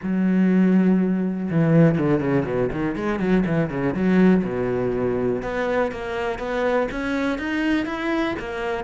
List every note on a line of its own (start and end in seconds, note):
0.02 1.50 F#3
1.50 1.98 E3
1.98 2.20 D3
2.20 2.44 C#3
2.45 2.70 B2
2.71 2.95 D#3
2.95 3.19 G#3
3.19 3.44 F#3
3.46 3.70 E3
3.70 3.94 C#3
3.94 4.43 F#3
4.44 5.42 B2
5.42 5.91 B3
5.91 6.38 A#3
6.38 6.88 B3
6.91 7.38 C#4
7.38 7.85 D#4
7.85 8.35 E4
8.39 8.84 A#3